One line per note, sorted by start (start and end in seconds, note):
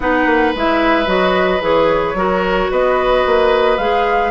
0.00 0.26 B3
0.00 0.54 D#4
0.00 2.17 B4
0.00 0.53 F#5
0.26 0.53 A#3
0.55 1.06 G#3
0.55 1.06 E4
0.55 1.08 E5
1.06 1.60 F#3
1.06 1.60 F#4
1.06 1.62 D#5
1.61 2.14 E3
1.61 2.15 G#4
1.61 2.71 C#5
2.14 2.68 F#3
2.14 3.79 F#4
2.14 2.70 A#4
2.70 3.25 B3
2.70 4.31 B4
2.70 3.77 D#5
3.26 3.77 A#3
3.77 4.31 G#3
3.77 4.31 G#4
3.77 4.31 F5